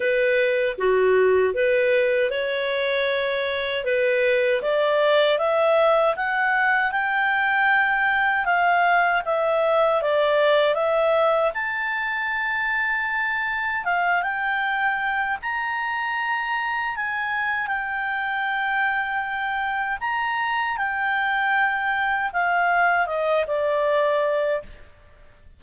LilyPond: \new Staff \with { instrumentName = "clarinet" } { \time 4/4 \tempo 4 = 78 b'4 fis'4 b'4 cis''4~ | cis''4 b'4 d''4 e''4 | fis''4 g''2 f''4 | e''4 d''4 e''4 a''4~ |
a''2 f''8 g''4. | ais''2 gis''4 g''4~ | g''2 ais''4 g''4~ | g''4 f''4 dis''8 d''4. | }